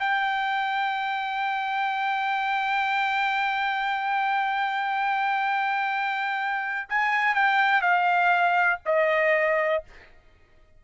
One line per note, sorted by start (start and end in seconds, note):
0.00 6.89 G5
6.89 7.35 G#5
7.35 7.82 G5
7.82 8.80 F5
8.85 9.84 D#5